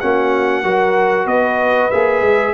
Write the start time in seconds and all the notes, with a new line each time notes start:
0.00 A#3 C#4 F#4 F#5
0.64 F#3 F#4 A#4
1.26 B3 B4 D#5
1.91 A#3 G#4 E5
2.22 G#3